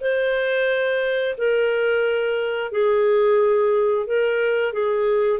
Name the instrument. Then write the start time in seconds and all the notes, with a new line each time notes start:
clarinet
0.00 C5
1.37 A#4
2.72 G#4
4.06 A#4
4.73 G#4